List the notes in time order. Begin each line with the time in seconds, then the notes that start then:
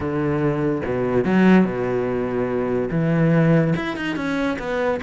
0.00 D3
0.85 B2
1.24 F#3
1.64 B2
2.91 E3
3.75 E4
3.96 D#4
4.16 C#4
4.58 B3